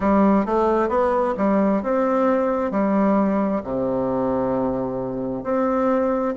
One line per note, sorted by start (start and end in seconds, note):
0.00 0.45 G3
0.45 0.88 A3
0.88 1.34 B3
1.37 1.82 G3
1.83 2.71 C4
2.71 3.62 G3
3.63 5.43 C3
5.43 6.34 C4